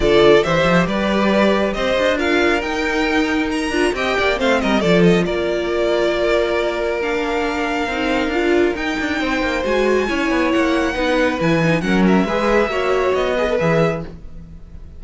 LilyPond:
<<
  \new Staff \with { instrumentName = "violin" } { \time 4/4 \tempo 4 = 137 d''4 e''4 d''2 | dis''4 f''4 g''2 | ais''4 g''4 f''8 dis''8 d''8 dis''8 | d''1 |
f''1 | g''2 gis''2 | fis''2 gis''4 fis''8 e''8~ | e''2 dis''4 e''4 | }
  \new Staff \with { instrumentName = "violin" } { \time 4/4 a'4 c''4 b'2 | c''4 ais'2.~ | ais'4 dis''8 d''8 c''8 ais'8 a'4 | ais'1~ |
ais'1~ | ais'4 c''2 cis''4~ | cis''4 b'2 ais'4 | b'4 cis''4. b'4. | }
  \new Staff \with { instrumentName = "viola" } { \time 4/4 f'4 g'2.~ | g'4 f'4 dis'2~ | dis'8 f'8 g'4 c'4 f'4~ | f'1 |
d'2 dis'4 f'4 | dis'2 fis'4 e'4~ | e'4 dis'4 e'8 dis'8 cis'4 | gis'4 fis'4. gis'16 a'16 gis'4 | }
  \new Staff \with { instrumentName = "cello" } { \time 4/4 d4 e8 f8 g2 | c'8 d'4. dis'2~ | dis'8 d'8 c'8 ais8 a8 g8 f4 | ais1~ |
ais2 c'4 d'4 | dis'8 d'8 c'8 ais8 gis4 cis'8 b8 | ais4 b4 e4 fis4 | gis4 ais4 b4 e4 | }
>>